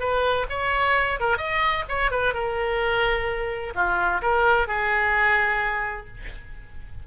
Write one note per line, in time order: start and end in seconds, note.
0.00 0.47 B4
0.50 1.20 C#5
1.20 1.38 A#4
1.38 1.84 D#5
1.89 2.11 C#5
2.11 2.34 B4
2.34 3.74 A#4
3.75 4.22 F4
4.22 4.68 A#4
4.68 6.07 G#4